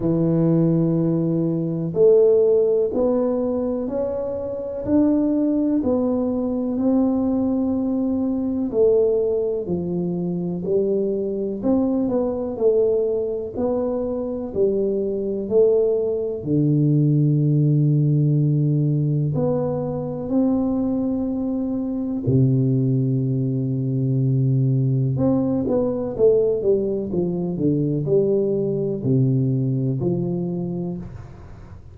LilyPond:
\new Staff \with { instrumentName = "tuba" } { \time 4/4 \tempo 4 = 62 e2 a4 b4 | cis'4 d'4 b4 c'4~ | c'4 a4 f4 g4 | c'8 b8 a4 b4 g4 |
a4 d2. | b4 c'2 c4~ | c2 c'8 b8 a8 g8 | f8 d8 g4 c4 f4 | }